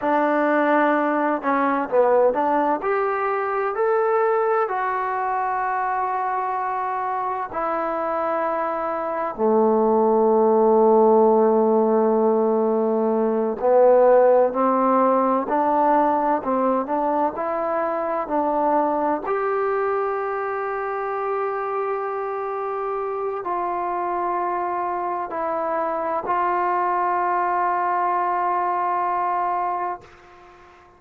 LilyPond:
\new Staff \with { instrumentName = "trombone" } { \time 4/4 \tempo 4 = 64 d'4. cis'8 b8 d'8 g'4 | a'4 fis'2. | e'2 a2~ | a2~ a8 b4 c'8~ |
c'8 d'4 c'8 d'8 e'4 d'8~ | d'8 g'2.~ g'8~ | g'4 f'2 e'4 | f'1 | }